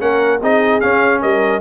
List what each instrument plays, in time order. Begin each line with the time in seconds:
0.00 tuba A#3, trombone C#4, horn A#4, trumpet F#5
0.41 tuba C4, trombone D#4, horn G#4, trumpet D#5
0.81 trombone C#4, tuba C#4, trumpet F5
1.22 tuba G3, horn A#4, trumpet D#5